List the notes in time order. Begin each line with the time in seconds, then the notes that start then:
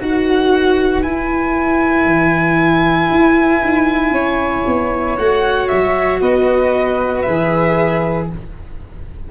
0.00 D#4 F#4 B4 F#5
1.03 E4 G#5
2.05 E3
3.10 E4
3.62 D#4
4.11 C#4 C#5
4.66 B3
5.18 A3 F#4 F#5
5.68 F#3 E5
6.20 B3 B4 D#5
7.22 E3 G#4 E5